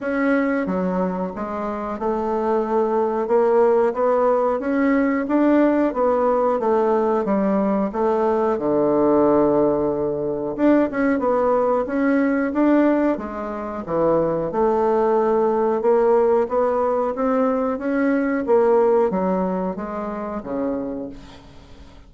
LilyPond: \new Staff \with { instrumentName = "bassoon" } { \time 4/4 \tempo 4 = 91 cis'4 fis4 gis4 a4~ | a4 ais4 b4 cis'4 | d'4 b4 a4 g4 | a4 d2. |
d'8 cis'8 b4 cis'4 d'4 | gis4 e4 a2 | ais4 b4 c'4 cis'4 | ais4 fis4 gis4 cis4 | }